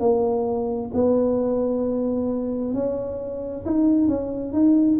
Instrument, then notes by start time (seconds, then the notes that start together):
tuba
0.00 A#3
0.94 B3
2.74 C#4
3.66 D#4
4.08 C#4
4.52 D#4